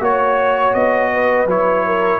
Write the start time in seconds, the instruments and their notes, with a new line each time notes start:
0.00 tuba A#3, trombone F#4, horn C#5, trumpet C#5
0.74 tuba B3, trumpet D#5
1.13 horn B4
1.45 tuba F#3, trombone E4, trumpet C#5
1.86 horn A#4